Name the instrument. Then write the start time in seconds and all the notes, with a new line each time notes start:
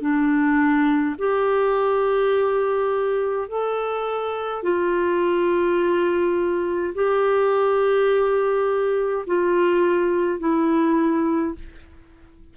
clarinet
0.00 D4
1.18 G4
3.48 A4
4.63 F4
6.94 G4
9.26 F4
10.39 E4